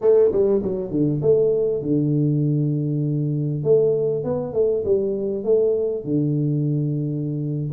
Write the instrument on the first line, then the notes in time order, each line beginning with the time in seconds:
tuba
0.01 A3
0.31 G3
0.62 F#3
0.91 D3
1.21 A3
1.82 D3
3.63 A3
4.23 B3
4.53 A3
4.84 G3
5.44 A3
6.04 D3